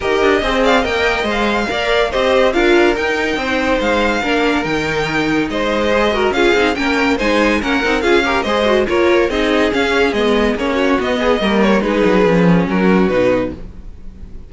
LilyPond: <<
  \new Staff \with { instrumentName = "violin" } { \time 4/4 \tempo 4 = 142 dis''4. f''8 g''4 f''4~ | f''4 dis''4 f''4 g''4~ | g''4 f''2 g''4~ | g''4 dis''2 f''4 |
g''4 gis''4 fis''4 f''4 | dis''4 cis''4 dis''4 f''4 | dis''4 cis''4 dis''4. cis''8 | b'2 ais'4 b'4 | }
  \new Staff \with { instrumentName = "violin" } { \time 4/4 ais'4 c''8 d''8 dis''2 | d''4 c''4 ais'2 | c''2 ais'2~ | ais'4 c''4. ais'8 gis'4 |
ais'4 c''4 ais'4 gis'8 ais'8 | c''4 ais'4 gis'2~ | gis'4. fis'4 gis'8 ais'4 | gis'2 fis'2 | }
  \new Staff \with { instrumentName = "viola" } { \time 4/4 g'4 gis'4 ais'4 c''4 | ais'4 g'4 f'4 dis'4~ | dis'2 d'4 dis'4~ | dis'2 gis'8 fis'8 f'8 dis'8 |
cis'4 dis'4 cis'8 dis'8 f'8 g'8 | gis'8 fis'8 f'4 dis'4 cis'4 | b4 cis'4 b4 ais4 | dis'4 cis'2 dis'4 | }
  \new Staff \with { instrumentName = "cello" } { \time 4/4 dis'8 d'8 c'4 ais4 gis4 | ais4 c'4 d'4 dis'4 | c'4 gis4 ais4 dis4~ | dis4 gis2 cis'8 c'8 |
ais4 gis4 ais8 c'8 cis'4 | gis4 ais4 c'4 cis'4 | gis4 ais4 b4 g4 | gis8 fis8 f4 fis4 b,4 | }
>>